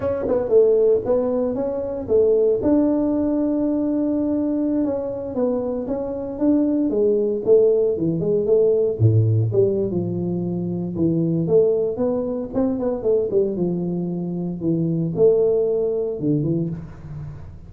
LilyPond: \new Staff \with { instrumentName = "tuba" } { \time 4/4 \tempo 4 = 115 cis'8 b8 a4 b4 cis'4 | a4 d'2.~ | d'4~ d'16 cis'4 b4 cis'8.~ | cis'16 d'4 gis4 a4 e8 gis16~ |
gis16 a4 a,4 g8. f4~ | f4 e4 a4 b4 | c'8 b8 a8 g8 f2 | e4 a2 d8 e8 | }